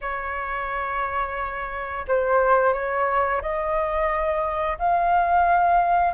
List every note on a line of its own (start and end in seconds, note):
0.01 2.05 C#5
2.07 2.73 C5
2.73 3.41 C#5
3.41 4.78 D#5
4.78 6.13 F5